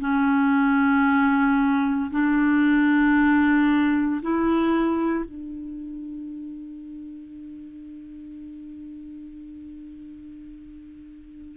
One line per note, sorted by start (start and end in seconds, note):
0.00 2.11 C#4
2.11 4.22 D4
4.22 5.24 E4
5.24 11.56 D4